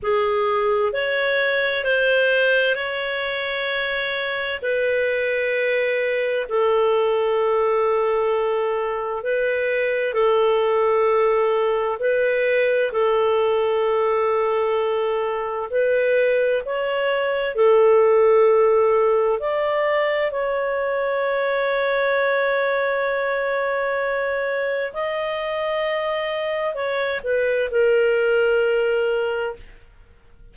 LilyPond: \new Staff \with { instrumentName = "clarinet" } { \time 4/4 \tempo 4 = 65 gis'4 cis''4 c''4 cis''4~ | cis''4 b'2 a'4~ | a'2 b'4 a'4~ | a'4 b'4 a'2~ |
a'4 b'4 cis''4 a'4~ | a'4 d''4 cis''2~ | cis''2. dis''4~ | dis''4 cis''8 b'8 ais'2 | }